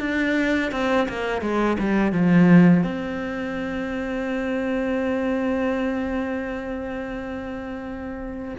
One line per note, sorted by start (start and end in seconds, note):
0.00 0.71 D4
0.72 1.07 C4
1.09 1.42 A#3
1.42 1.77 G#3
1.79 2.12 G3
2.12 2.83 F3
2.83 8.55 C4